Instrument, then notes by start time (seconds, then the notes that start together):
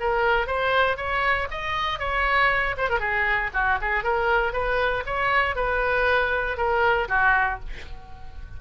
oboe
0.00 A#4
0.46 C5
0.96 C#5
1.50 D#5
1.99 C#5
2.77 C5
2.89 A#4
2.99 G#4
3.53 F#4
3.81 G#4
4.04 A#4
4.53 B4
5.06 C#5
5.55 B4
6.57 A#4
7.08 F#4